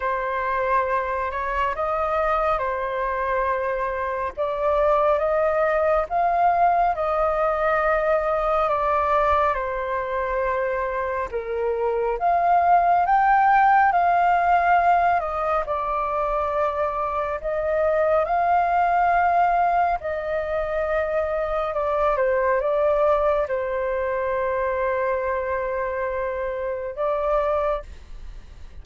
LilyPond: \new Staff \with { instrumentName = "flute" } { \time 4/4 \tempo 4 = 69 c''4. cis''8 dis''4 c''4~ | c''4 d''4 dis''4 f''4 | dis''2 d''4 c''4~ | c''4 ais'4 f''4 g''4 |
f''4. dis''8 d''2 | dis''4 f''2 dis''4~ | dis''4 d''8 c''8 d''4 c''4~ | c''2. d''4 | }